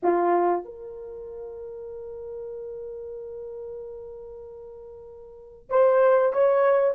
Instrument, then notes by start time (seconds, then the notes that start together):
horn
0.02 F4
0.64 A#4
5.69 C5
6.32 C#5